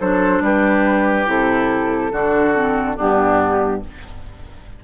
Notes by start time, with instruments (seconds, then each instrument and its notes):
0.00 bassoon F#3, clarinet D4, oboe A4, flute C5
0.41 bassoon G3, oboe G4, flute B4
1.26 bassoon C3, clarinet E4, flute A4
2.12 bassoon D3, clarinet D4, oboe F#4
2.54 clarinet C4
2.96 bassoon G2, clarinet B3, oboe D4, flute G4